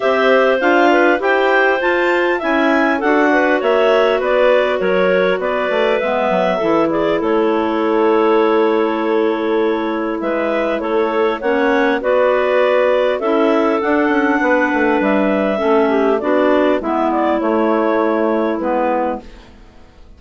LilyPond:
<<
  \new Staff \with { instrumentName = "clarinet" } { \time 4/4 \tempo 4 = 100 e''4 f''4 g''4 a''4 | gis''4 fis''4 e''4 d''4 | cis''4 d''4 e''4. d''8 | cis''1~ |
cis''4 e''4 cis''4 fis''4 | d''2 e''4 fis''4~ | fis''4 e''2 d''4 | e''8 d''8 cis''2 b'4 | }
  \new Staff \with { instrumentName = "clarinet" } { \time 4/4 c''4. b'8 c''2 | e''4 a'8 b'8 cis''4 b'4 | ais'4 b'2 a'8 gis'8 | a'1~ |
a'4 b'4 a'4 cis''4 | b'2 a'2 | b'2 a'8 g'8 fis'4 | e'1 | }
  \new Staff \with { instrumentName = "clarinet" } { \time 4/4 g'4 f'4 g'4 f'4 | e'4 fis'2.~ | fis'2 b4 e'4~ | e'1~ |
e'2. cis'4 | fis'2 e'4 d'4~ | d'2 cis'4 d'4 | b4 a2 b4 | }
  \new Staff \with { instrumentName = "bassoon" } { \time 4/4 c'4 d'4 e'4 f'4 | cis'4 d'4 ais4 b4 | fis4 b8 a8 gis8 fis8 e4 | a1~ |
a4 gis4 a4 ais4 | b2 cis'4 d'8 cis'8 | b8 a8 g4 a4 b4 | gis4 a2 gis4 | }
>>